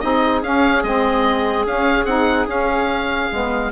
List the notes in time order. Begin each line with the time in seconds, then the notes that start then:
0.00 C4 D#4 G#4 D#5
0.42 C#4 F5
0.83 G#3 C4 D#5
1.66 C#4 F5
2.05 C4 D#4 F#5
2.47 C#4 F5
3.32 G#3 B3